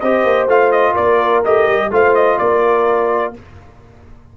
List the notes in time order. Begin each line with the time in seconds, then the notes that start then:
0.00 C4 G4 C5 D#5
0.24 A#3
0.47 A3 F4 F5
0.72 D#5
0.93 A#3 A#4 D5
1.45 A3 G4 D#5
1.67 G3
1.91 A3 F4 C5 F5
2.15 D#5
2.39 A#3 A#4 D5